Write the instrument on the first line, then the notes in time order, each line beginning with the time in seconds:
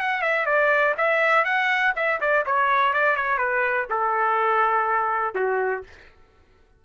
trumpet
0.00 F#5
0.22 E5
0.46 D5
0.98 E5
1.45 F#5
1.96 E5
2.21 D5
2.46 C#5
2.94 D5
3.16 C#5
3.38 B4
3.90 A4
5.35 F#4